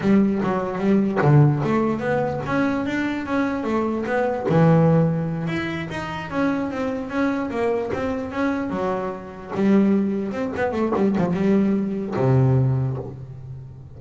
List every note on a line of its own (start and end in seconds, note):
0.01 0.41 G3
0.42 0.78 F#3
0.78 1.19 G3
1.21 1.62 D3
1.63 1.99 A3
1.99 2.40 B3
2.46 2.86 C#4
2.86 3.25 D4
3.25 3.63 C#4
3.63 4.04 A3
4.05 4.46 B3
4.49 5.47 E3
5.47 5.88 E4
5.90 6.30 D#4
6.30 6.70 C#4
6.70 7.09 C4
7.09 7.50 C#4
7.50 7.91 A#3
7.93 8.31 C4
8.31 8.70 C#4
8.70 9.51 F#3
9.55 10.31 G3
10.31 10.51 C4
10.56 10.72 B3
10.72 10.92 A3
10.95 11.15 G3
11.18 11.33 F3
11.33 12.14 G3
12.16 12.97 C3